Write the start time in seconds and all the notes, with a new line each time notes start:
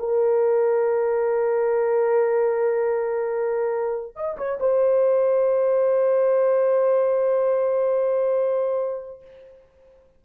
0.00 A#4
4.16 D#5
4.38 C#5
4.60 C5